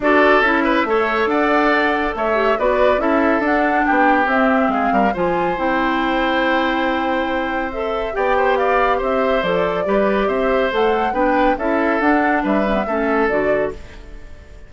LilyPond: <<
  \new Staff \with { instrumentName = "flute" } { \time 4/4 \tempo 4 = 140 d''4 e''2 fis''4~ | fis''4 e''4 d''4 e''4 | fis''4 g''4 e''4 f''4 | gis''4 g''2.~ |
g''2 e''4 g''4 | f''4 e''4 d''2 | e''4 fis''4 g''4 e''4 | fis''4 e''2 d''4 | }
  \new Staff \with { instrumentName = "oboe" } { \time 4/4 a'4. b'8 cis''4 d''4~ | d''4 cis''4 b'4 a'4~ | a'4 g'2 gis'8 ais'8 | c''1~ |
c''2. d''8 c''8 | d''4 c''2 b'4 | c''2 b'4 a'4~ | a'4 b'4 a'2 | }
  \new Staff \with { instrumentName = "clarinet" } { \time 4/4 fis'4 e'4 a'2~ | a'4. g'8 fis'4 e'4 | d'2 c'2 | f'4 e'2.~ |
e'2 a'4 g'4~ | g'2 a'4 g'4~ | g'4 a'4 d'4 e'4 | d'4. cis'16 b16 cis'4 fis'4 | }
  \new Staff \with { instrumentName = "bassoon" } { \time 4/4 d'4 cis'4 a4 d'4~ | d'4 a4 b4 cis'4 | d'4 b4 c'4 gis8 g8 | f4 c'2.~ |
c'2. b4~ | b4 c'4 f4 g4 | c'4 a4 b4 cis'4 | d'4 g4 a4 d4 | }
>>